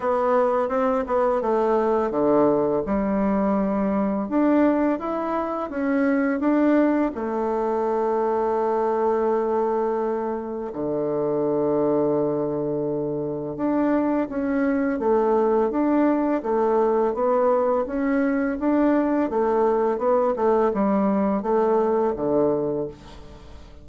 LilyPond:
\new Staff \with { instrumentName = "bassoon" } { \time 4/4 \tempo 4 = 84 b4 c'8 b8 a4 d4 | g2 d'4 e'4 | cis'4 d'4 a2~ | a2. d4~ |
d2. d'4 | cis'4 a4 d'4 a4 | b4 cis'4 d'4 a4 | b8 a8 g4 a4 d4 | }